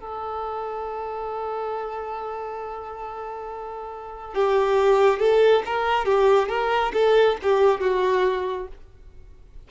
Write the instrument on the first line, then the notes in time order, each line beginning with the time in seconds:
violin
0.00 A4
4.35 G4
5.19 A4
5.66 A#4
6.05 G4
6.49 A#4
6.93 A4
7.43 G4
7.81 F#4